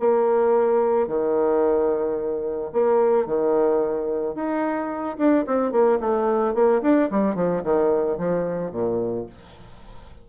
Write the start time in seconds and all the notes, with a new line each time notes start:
0.00 A#3
1.08 D#3
2.73 A#3
3.27 D#3
4.35 D#4
5.18 D4
5.47 C4
5.72 A#3
6.00 A3
6.55 A#3
6.82 D4
7.11 G3
7.35 F3
7.64 D#3
8.18 F3
8.72 A#2